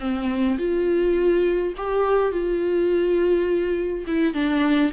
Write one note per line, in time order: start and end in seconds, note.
0.00 0.58 C4
0.58 1.74 F4
1.77 2.32 G4
2.32 4.05 F4
4.07 4.34 E4
4.34 4.92 D4